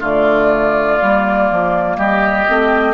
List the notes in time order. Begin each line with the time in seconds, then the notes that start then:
0.00 D3 A3 F4 D5
0.98 G3 A#3
1.51 F3
1.97 G3 G4 D#5
2.48 A3 C4